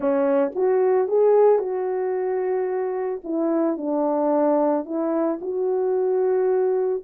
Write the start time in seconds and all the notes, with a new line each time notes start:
0.00 C#4
0.55 F#4
1.08 G#4
1.58 F#4
3.23 E4
3.77 D4
4.85 E4
5.41 F#4